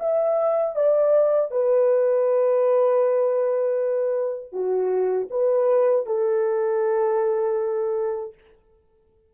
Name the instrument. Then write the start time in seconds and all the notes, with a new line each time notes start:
horn
0.00 E5
0.75 D5
1.51 B4
4.52 F#4
5.30 B4
6.06 A4